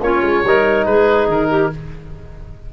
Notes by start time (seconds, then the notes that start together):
0.00 A#3 C#4 F4 C#5
0.21 G#3
0.44 G3 D#4 A#4
0.85 G#3 G#4 B4
1.27 D#3 A#4
1.49 G4